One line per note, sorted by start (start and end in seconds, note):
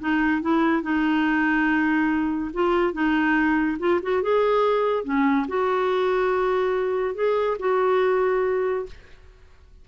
0.00 0.41 D#4
0.41 0.82 E4
0.82 2.51 D#4
2.54 2.93 F4
2.93 3.77 D#4
3.79 4.00 F4
4.02 4.22 F#4
4.22 5.04 G#4
5.04 5.46 C#4
5.48 7.15 F#4
7.15 7.57 G#4
7.59 8.86 F#4